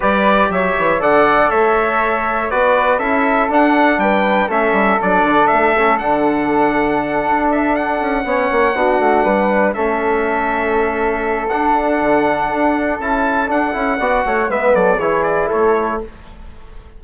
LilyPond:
<<
  \new Staff \with { instrumentName = "trumpet" } { \time 4/4 \tempo 4 = 120 d''4 e''4 fis''4 e''4~ | e''4 d''4 e''4 fis''4 | g''4 e''4 d''4 e''4 | fis''2. e''8 fis''8~ |
fis''2.~ fis''8 e''8~ | e''2. fis''4~ | fis''2 a''4 fis''4~ | fis''4 e''8 d''8 cis''8 d''8 cis''4 | }
  \new Staff \with { instrumentName = "flute" } { \time 4/4 b'4 cis''4 d''4 cis''4~ | cis''4 b'4 a'2 | b'4 a'2.~ | a'1~ |
a'8 cis''4 fis'4 b'4 a'8~ | a'1~ | a'1 | d''8 cis''8 b'8 a'8 gis'4 a'4 | }
  \new Staff \with { instrumentName = "trombone" } { \time 4/4 g'2 a'2~ | a'4 fis'4 e'4 d'4~ | d'4 cis'4 d'4. cis'8 | d'1~ |
d'8 cis'4 d'2 cis'8~ | cis'2. d'4~ | d'2 e'4 d'8 e'8 | fis'4 b4 e'2 | }
  \new Staff \with { instrumentName = "bassoon" } { \time 4/4 g4 fis8 e8 d4 a4~ | a4 b4 cis'4 d'4 | g4 a8 g8 fis8 d8 a4 | d2~ d8 d'4. |
cis'8 b8 ais8 b8 a8 g4 a8~ | a2. d'4 | d4 d'4 cis'4 d'8 cis'8 | b8 a8 gis8 fis8 e4 a4 | }
>>